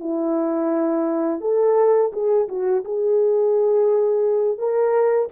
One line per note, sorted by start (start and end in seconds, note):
0.00 1.41 E4
1.41 2.11 A4
2.13 2.48 G#4
2.49 2.84 F#4
2.85 4.59 G#4
4.59 5.29 A#4